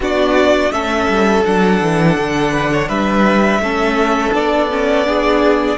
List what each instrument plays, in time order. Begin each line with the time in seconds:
0.00 cello B3, viola D4, violin F#4 D5
0.71 cello A3, viola C#4, violin A4 E5
1.08 cello G3
1.45 cello F#3, viola D4, violin F#5
1.81 cello E3
2.18 cello D3
2.51 violin B4
2.72 violin C#5
2.88 cello G3, violin B4 E5
3.59 cello A3, viola C#4, violin A4
4.32 cello B3, viola D4, violin D5
4.70 viola C#4
5.06 viola D4, violin G#4